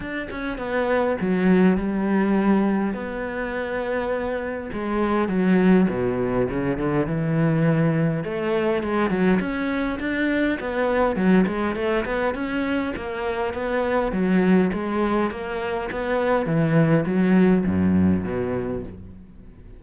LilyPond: \new Staff \with { instrumentName = "cello" } { \time 4/4 \tempo 4 = 102 d'8 cis'8 b4 fis4 g4~ | g4 b2. | gis4 fis4 b,4 cis8 d8 | e2 a4 gis8 fis8 |
cis'4 d'4 b4 fis8 gis8 | a8 b8 cis'4 ais4 b4 | fis4 gis4 ais4 b4 | e4 fis4 fis,4 b,4 | }